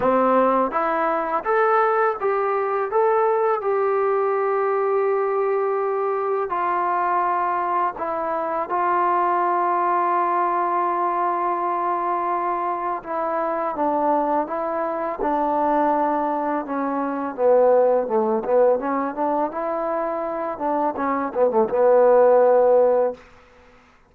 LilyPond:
\new Staff \with { instrumentName = "trombone" } { \time 4/4 \tempo 4 = 83 c'4 e'4 a'4 g'4 | a'4 g'2.~ | g'4 f'2 e'4 | f'1~ |
f'2 e'4 d'4 | e'4 d'2 cis'4 | b4 a8 b8 cis'8 d'8 e'4~ | e'8 d'8 cis'8 b16 a16 b2 | }